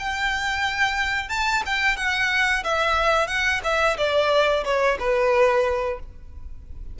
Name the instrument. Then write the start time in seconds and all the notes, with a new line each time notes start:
violin
0.00 G5
1.30 A5
1.66 G5
1.97 F#5
2.64 E5
3.28 F#5
3.64 E5
3.98 D5
4.65 C#5
5.00 B4